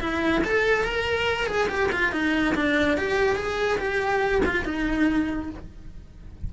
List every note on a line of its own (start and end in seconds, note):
0.00 0.42 E4
0.44 0.84 A4
0.84 1.46 A#4
1.46 1.67 G#4
1.68 1.90 G4
1.91 2.12 F4
2.12 2.54 D#4
2.55 2.97 D4
2.97 3.36 G4
3.36 3.78 G#4
3.78 4.41 G4
4.45 4.65 F4
4.65 5.49 D#4